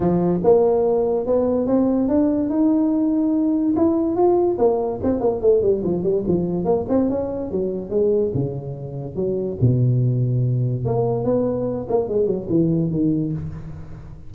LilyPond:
\new Staff \with { instrumentName = "tuba" } { \time 4/4 \tempo 4 = 144 f4 ais2 b4 | c'4 d'4 dis'2~ | dis'4 e'4 f'4 ais4 | c'8 ais8 a8 g8 f8 g8 f4 |
ais8 c'8 cis'4 fis4 gis4 | cis2 fis4 b,4~ | b,2 ais4 b4~ | b8 ais8 gis8 fis8 e4 dis4 | }